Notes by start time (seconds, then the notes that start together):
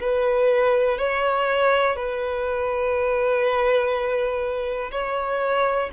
0.00 B4
0.98 C#5
1.96 B4
4.91 C#5